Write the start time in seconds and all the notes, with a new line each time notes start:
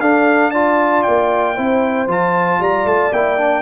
0.00 D4 A4 F5
0.51 F4 D5 A5
1.03 A#3 G5
1.55 C4 E4 C5
2.07 F3 F4 A5
2.60 G3 D5 A#5
2.85 A3 A5
3.12 A#3 E4 G5
3.37 D4